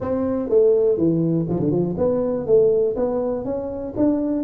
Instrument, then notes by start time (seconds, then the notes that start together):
tuba
0.00 C4
0.49 A3
0.97 E3
1.49 F3
1.59 D3
1.71 F3
1.97 B3
2.46 A3
2.96 B3
3.44 C#4
3.96 D4